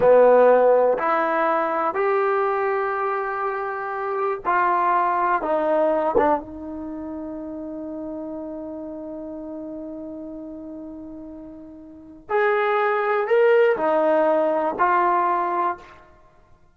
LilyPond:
\new Staff \with { instrumentName = "trombone" } { \time 4/4 \tempo 4 = 122 b2 e'2 | g'1~ | g'4 f'2 dis'4~ | dis'8 d'8 dis'2.~ |
dis'1~ | dis'1~ | dis'4 gis'2 ais'4 | dis'2 f'2 | }